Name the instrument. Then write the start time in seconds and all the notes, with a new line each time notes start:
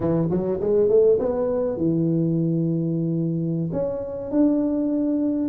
tuba
0.00 E3
0.30 F#3
0.60 G#3
0.88 A3
1.19 B3
1.77 E3
3.72 C#4
4.31 D4